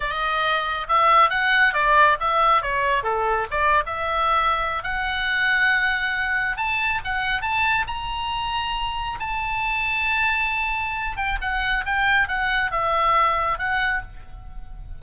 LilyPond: \new Staff \with { instrumentName = "oboe" } { \time 4/4 \tempo 4 = 137 dis''2 e''4 fis''4 | d''4 e''4 cis''4 a'4 | d''8. e''2~ e''16 fis''4~ | fis''2. a''4 |
fis''4 a''4 ais''2~ | ais''4 a''2.~ | a''4. g''8 fis''4 g''4 | fis''4 e''2 fis''4 | }